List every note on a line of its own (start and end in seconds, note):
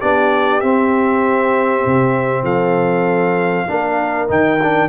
0.00 0.63 B3
0.00 0.62 D4
0.00 2.43 G4
0.00 0.60 D5
0.60 3.68 C4
0.60 1.85 C4
0.60 2.44 E5
1.86 2.43 C3
2.43 3.65 F3
2.43 3.66 A4
2.43 4.29 F5
3.68 4.30 A#3
3.68 4.28 D4
3.68 4.89 A#4
4.28 4.89 D#3
4.28 4.59 D#4
4.28 4.89 G5
4.63 4.89 D4